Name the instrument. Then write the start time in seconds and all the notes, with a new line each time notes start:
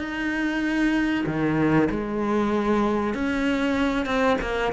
cello
0.00 D#4
1.27 D#3
1.91 G#3
3.15 C#4
4.06 C4
4.42 A#3